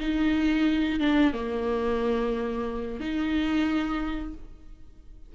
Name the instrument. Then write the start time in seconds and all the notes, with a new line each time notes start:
viola
0.00 D#4
1.00 D4
1.34 A#3
3.01 D#4